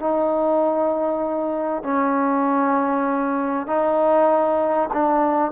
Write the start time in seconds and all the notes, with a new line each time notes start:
0.00 D#4
1.84 C#4
3.67 D#4
4.94 D4